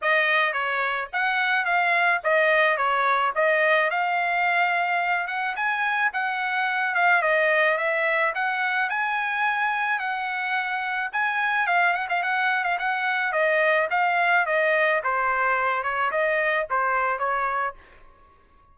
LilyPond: \new Staff \with { instrumentName = "trumpet" } { \time 4/4 \tempo 4 = 108 dis''4 cis''4 fis''4 f''4 | dis''4 cis''4 dis''4 f''4~ | f''4. fis''8 gis''4 fis''4~ | fis''8 f''8 dis''4 e''4 fis''4 |
gis''2 fis''2 | gis''4 f''8 fis''16 f''16 fis''8. f''16 fis''4 | dis''4 f''4 dis''4 c''4~ | c''8 cis''8 dis''4 c''4 cis''4 | }